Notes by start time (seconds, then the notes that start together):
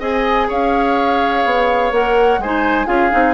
0.00 C4 G#4 D#5 G#5
0.48 C#4 C#5 F5
1.45 B3
1.91 A#3 A#4 F#5
2.39 G#3 D#4 C5 G#5
2.86 C#4 F4 G#4 F5
3.11 C4 D#4